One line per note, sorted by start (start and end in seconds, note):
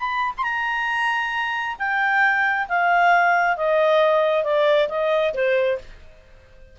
0.00 0.34 B5
0.38 1.77 A#5
0.38 0.43 C6
1.79 2.68 G5
2.69 3.57 F5
3.57 4.44 D#5
4.44 4.89 D5
4.89 5.34 D#5
5.34 5.79 C5